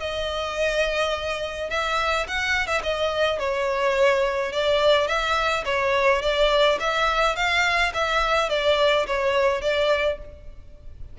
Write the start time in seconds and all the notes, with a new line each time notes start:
0.00 D#5
1.70 E5
2.28 F#5
2.67 E5
2.83 D#5
3.39 C#5
4.52 D5
5.08 E5
5.65 C#5
6.22 D5
6.80 E5
7.36 F5
7.94 E5
8.50 D5
9.07 C#5
9.62 D5